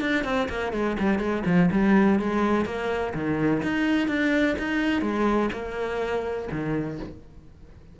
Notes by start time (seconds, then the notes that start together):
0.00 D4
0.24 C4
0.49 A#3
0.72 G#3
0.99 G3
1.19 G#3
1.45 F3
1.71 G3
2.19 G#3
2.65 A#3
3.14 D#3
3.62 D#4
4.08 D4
4.58 D#4
5.01 G#3
5.52 A#3
6.51 D#3